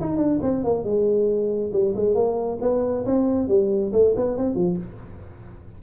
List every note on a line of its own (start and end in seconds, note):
0.00 0.17 D#4
0.17 0.38 D4
0.42 0.64 C4
0.64 0.84 A#3
0.84 1.71 G#3
1.72 1.94 G3
1.96 2.14 G#3
2.14 2.58 A#3
2.61 3.05 B3
3.05 3.48 C4
3.48 3.92 G3
3.92 4.14 A3
4.16 4.37 B3
4.37 4.55 C4
4.55 4.77 F3